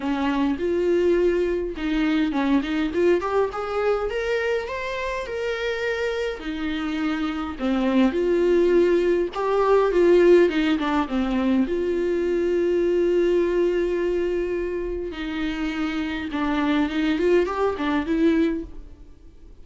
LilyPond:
\new Staff \with { instrumentName = "viola" } { \time 4/4 \tempo 4 = 103 cis'4 f'2 dis'4 | cis'8 dis'8 f'8 g'8 gis'4 ais'4 | c''4 ais'2 dis'4~ | dis'4 c'4 f'2 |
g'4 f'4 dis'8 d'8 c'4 | f'1~ | f'2 dis'2 | d'4 dis'8 f'8 g'8 d'8 e'4 | }